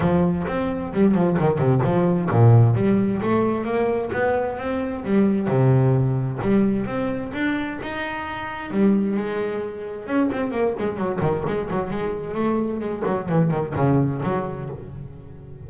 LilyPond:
\new Staff \with { instrumentName = "double bass" } { \time 4/4 \tempo 4 = 131 f4 c'4 g8 f8 dis8 c8 | f4 ais,4 g4 a4 | ais4 b4 c'4 g4 | c2 g4 c'4 |
d'4 dis'2 g4 | gis2 cis'8 c'8 ais8 gis8 | fis8 dis8 gis8 fis8 gis4 a4 | gis8 fis8 e8 dis8 cis4 fis4 | }